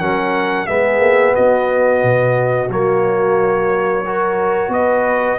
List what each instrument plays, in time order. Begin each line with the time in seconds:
0.00 tuba F#3, trombone C#4, horn A#4, trumpet F#5
0.67 tuba G#3, trombone B3, horn G#4, trumpet E5
1.00 tuba A#3
1.35 tuba B3, horn F#4, trumpet D#5
2.04 tuba B2
2.70 tuba F#3, trombone A#3, trumpet C#5
4.05 trombone F#4, horn A#4
4.69 tuba B3, trumpet D#5
4.76 horn B4